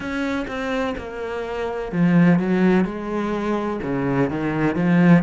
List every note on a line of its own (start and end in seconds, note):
0.00 0.45 C#4
0.47 0.95 C4
0.97 1.91 A#3
1.91 2.39 F3
2.39 2.84 F#3
2.84 3.80 G#3
3.83 4.30 C#3
4.30 4.75 D#3
4.75 5.23 F3